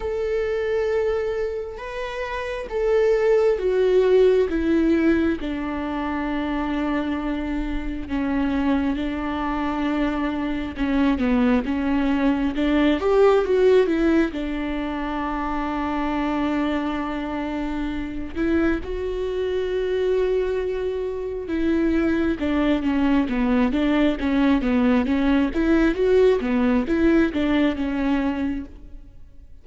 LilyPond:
\new Staff \with { instrumentName = "viola" } { \time 4/4 \tempo 4 = 67 a'2 b'4 a'4 | fis'4 e'4 d'2~ | d'4 cis'4 d'2 | cis'8 b8 cis'4 d'8 g'8 fis'8 e'8 |
d'1~ | d'8 e'8 fis'2. | e'4 d'8 cis'8 b8 d'8 cis'8 b8 | cis'8 e'8 fis'8 b8 e'8 d'8 cis'4 | }